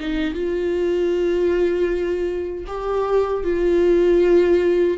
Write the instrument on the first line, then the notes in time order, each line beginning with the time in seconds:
viola
0.00 D#4
0.34 F4
2.67 G4
3.44 F4